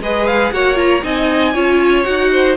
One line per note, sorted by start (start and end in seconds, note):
0.00 0.51 G#3
0.00 0.53 G#4
0.00 0.54 B4
0.00 0.27 D#5
0.27 0.53 F5
0.52 1.04 A#3
0.52 0.75 F#4
0.52 1.04 C#5
0.52 0.78 F#5
0.75 1.01 F4
0.75 1.04 A#5
1.03 1.56 C4
1.03 1.54 D#4
1.03 1.54 D#5
1.03 2.04 G#5
1.54 2.07 C#4
1.54 2.04 F4
1.54 2.31 C#5
2.04 2.57 D#4
2.04 2.56 F#4
2.04 2.55 F#5
2.32 2.57 C5